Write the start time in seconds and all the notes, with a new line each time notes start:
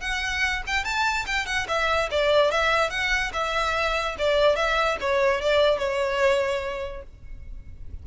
0.00 F#5
0.67 G5
0.84 A5
1.26 G5
1.46 F#5
1.68 E5
2.11 D5
2.51 E5
2.90 F#5
3.33 E5
4.18 D5
4.56 E5
5.00 C#5
5.41 D5
5.78 C#5